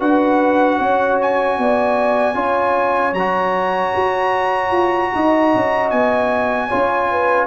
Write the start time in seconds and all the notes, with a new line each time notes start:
0.00 D4 F#4 B4 F#5
0.78 C#4 C#5
1.22 G#5
1.58 B3 D5
2.34 C#4 F4 C#5
3.13 F#3 F#4 A#5
3.96 F#4
4.71 F4
5.15 D#4 D#5
5.55 C#4
5.90 B3 G#5
6.68 C#4 F4 C#5
7.11 B4